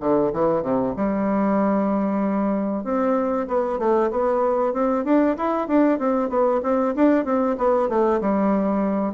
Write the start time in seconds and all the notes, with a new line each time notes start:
0.00 D3
0.33 E3
0.62 C3
0.96 G3
2.84 C4
3.47 B3
3.79 A3
4.11 B3
4.73 C4
5.04 D4
5.37 E4
5.68 D4
5.99 C4
6.29 B3
6.63 C4
6.95 D4
7.25 C4
7.58 B3
7.89 A3
8.21 G3